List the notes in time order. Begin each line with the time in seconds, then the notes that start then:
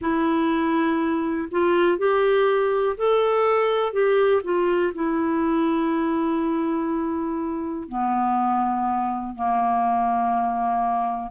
0.01 E4
1.51 F4
1.98 G4
2.97 A4
3.93 G4
4.43 F4
4.94 E4
7.88 B3
9.35 A#3